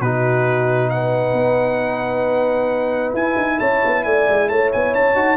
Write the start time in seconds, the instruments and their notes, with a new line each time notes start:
0.00 tuba B2, trombone D#4, horn F#4, trumpet B4
0.90 horn B4, trumpet F#5
1.33 tuba B3
3.13 tuba E4, trombone E4, trumpet G#5
3.37 tuba D#4
3.59 tuba C#4, horn C#5, trumpet A5
3.85 tuba B3
4.04 tuba A3, horn D5, trumpet G#5
4.28 tuba G#3
4.48 tuba A3, horn C#5, trumpet A5
4.72 tuba B3, trumpet G#5
4.93 tuba C#4, trumpet A5
5.14 tuba D#4, trombone F#4